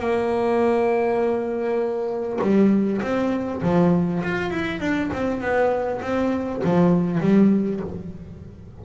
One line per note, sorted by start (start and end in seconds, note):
0.00 2.40 A#3
2.42 3.02 G3
3.02 3.62 C4
3.63 4.23 F3
4.24 4.51 F4
4.51 4.81 E4
4.81 5.11 D4
5.14 5.42 C4
5.42 6.02 B3
6.02 6.62 C4
6.65 7.21 F3
7.21 7.81 G3